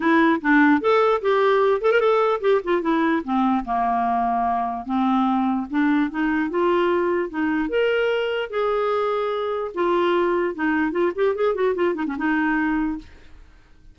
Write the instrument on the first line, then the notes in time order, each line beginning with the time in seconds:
clarinet
0.00 E4
0.41 D4
0.80 A4
1.21 G4
1.81 A4
1.91 A#4
2.00 A4
2.40 G4
2.64 F4
2.81 E4
3.24 C4
3.64 A#3
4.85 C4
5.70 D4
6.10 D#4
6.50 F4
7.29 D#4
7.69 A#4
8.49 G#4
9.74 F4
10.54 D#4
10.91 F4
11.15 G4
11.35 G#4
11.54 F#4
11.75 F4
11.94 D#4
12.06 C#4
12.17 D#4